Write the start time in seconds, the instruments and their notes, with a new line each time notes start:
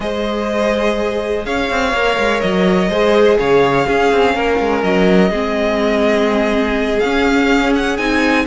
0.00 cello G#3, viola G#4, violin C5 D#5
1.45 cello C#4, violin C#5 F5
1.69 cello C4
1.93 cello A#3, viola A#4
2.18 cello G#3
2.41 cello F#3, violin D#5
2.88 cello G#3, viola G#4, violin C5
3.39 cello C#3, violin C#5 F5
3.86 viola C#4, cello C#4, violin G#4
4.12 cello C4
4.35 cello A#3, violin A#4
4.59 cello G#3
4.83 cello F#3, violin D#5
5.30 cello G#3, viola C4, violin G#4
6.99 viola C#4, cello C#4, violin F5
7.75 violin F#5
7.97 cello C4, viola D#4, violin G#5